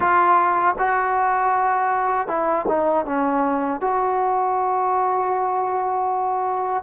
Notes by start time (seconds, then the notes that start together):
0.00 F4
0.78 F#4
2.27 E4
2.68 D#4
3.05 C#4
3.80 F#4